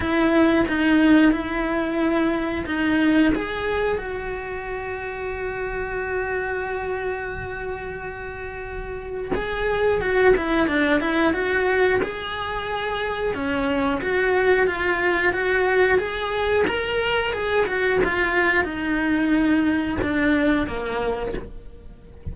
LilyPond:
\new Staff \with { instrumentName = "cello" } { \time 4/4 \tempo 4 = 90 e'4 dis'4 e'2 | dis'4 gis'4 fis'2~ | fis'1~ | fis'2 gis'4 fis'8 e'8 |
d'8 e'8 fis'4 gis'2 | cis'4 fis'4 f'4 fis'4 | gis'4 ais'4 gis'8 fis'8 f'4 | dis'2 d'4 ais4 | }